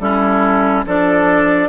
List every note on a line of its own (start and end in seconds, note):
0.00 0.85 G3
0.00 0.86 C#4
0.00 0.86 E4
0.00 0.85 A4
0.86 1.69 F3
0.86 1.69 D4
0.86 1.69 A4
0.86 1.69 D5